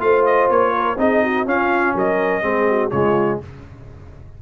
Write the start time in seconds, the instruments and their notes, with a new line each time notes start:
0.00 tuba A3, trombone F4, horn C5, trumpet F5
0.26 trumpet D#5
0.50 tuba A#3, trumpet C#5
0.74 horn A#4
0.98 tuba C4, trombone D#4, horn G#4, trumpet D#5
1.24 horn F#4
1.46 tuba C#4, trombone C#4, horn F4, trumpet F5
1.95 tuba F#3, horn A#4, trumpet D#5
2.42 tuba G#3, trombone C4, horn G#4
2.69 horn F#4
2.91 tuba C#3, trombone G#3, horn F4, trumpet C#5